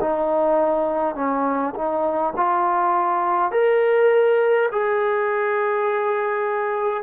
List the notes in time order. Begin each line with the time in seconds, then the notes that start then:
0.00 D#4
1.15 C#4
1.75 D#4
2.36 F4
3.51 A#4
4.72 G#4